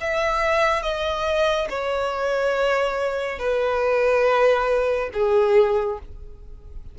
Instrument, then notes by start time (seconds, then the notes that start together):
violin
0.00 E5
0.82 D#5
1.69 C#5
3.38 B4
5.13 G#4